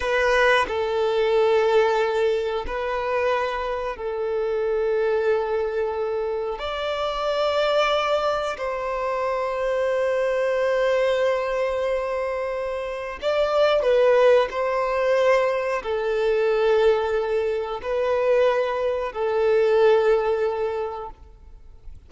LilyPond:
\new Staff \with { instrumentName = "violin" } { \time 4/4 \tempo 4 = 91 b'4 a'2. | b'2 a'2~ | a'2 d''2~ | d''4 c''2.~ |
c''1 | d''4 b'4 c''2 | a'2. b'4~ | b'4 a'2. | }